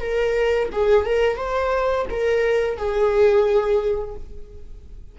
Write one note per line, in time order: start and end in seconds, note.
0.00 0.69 A#4
0.72 1.05 G#4
1.05 1.37 A#4
1.37 2.06 C5
2.10 2.77 A#4
2.77 4.15 G#4